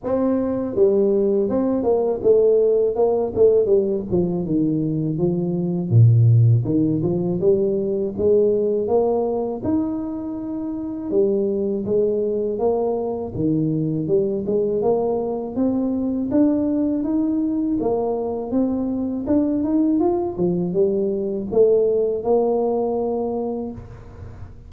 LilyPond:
\new Staff \with { instrumentName = "tuba" } { \time 4/4 \tempo 4 = 81 c'4 g4 c'8 ais8 a4 | ais8 a8 g8 f8 dis4 f4 | ais,4 dis8 f8 g4 gis4 | ais4 dis'2 g4 |
gis4 ais4 dis4 g8 gis8 | ais4 c'4 d'4 dis'4 | ais4 c'4 d'8 dis'8 f'8 f8 | g4 a4 ais2 | }